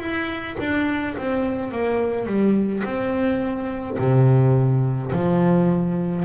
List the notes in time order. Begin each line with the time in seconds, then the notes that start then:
0.00 E4
0.60 D4
1.17 C4
1.72 A#3
2.26 G3
2.84 C4
3.99 C3
5.13 F3